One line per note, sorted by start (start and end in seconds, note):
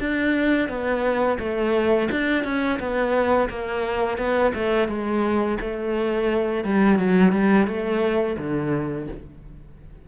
0.00 0.69 D4
0.69 1.39 B3
1.39 2.09 A3
2.11 2.45 D4
2.45 2.79 C#4
2.80 3.49 B3
3.50 4.18 A#3
4.18 4.53 B3
4.55 4.89 A3
4.89 5.58 G#3
5.61 6.64 A3
6.64 6.99 G3
6.99 7.32 F#3
7.32 7.67 G3
7.67 8.37 A3
8.38 9.08 D3